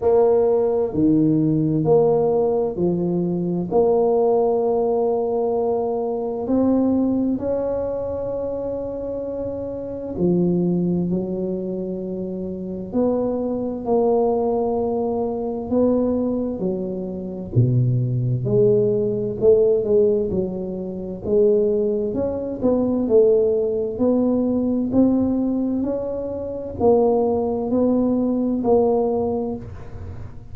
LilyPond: \new Staff \with { instrumentName = "tuba" } { \time 4/4 \tempo 4 = 65 ais4 dis4 ais4 f4 | ais2. c'4 | cis'2. f4 | fis2 b4 ais4~ |
ais4 b4 fis4 b,4 | gis4 a8 gis8 fis4 gis4 | cis'8 b8 a4 b4 c'4 | cis'4 ais4 b4 ais4 | }